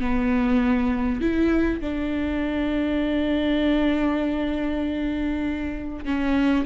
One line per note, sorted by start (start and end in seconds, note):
0.00 1.21 B3
1.21 1.81 E4
1.81 6.05 D4
6.05 6.66 C#4